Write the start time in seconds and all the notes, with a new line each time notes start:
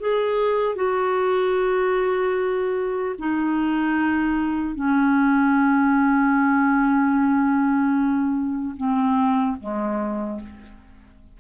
0.00 G#4
0.76 F#4
3.19 D#4
4.76 C#4
8.77 C4
9.61 G#3